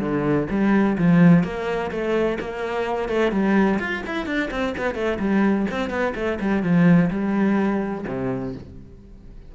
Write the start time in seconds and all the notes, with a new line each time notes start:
0.00 D3
0.50 G3
0.98 F3
1.44 A#3
1.91 A3
2.40 A#3
3.09 A3
3.32 G3
3.79 F4
4.06 E4
4.26 D4
4.51 C4
4.78 B3
4.95 A3
5.19 G3
5.71 C4
5.90 B3
6.15 A3
6.40 G3
6.63 F3
7.11 G3
8.07 C3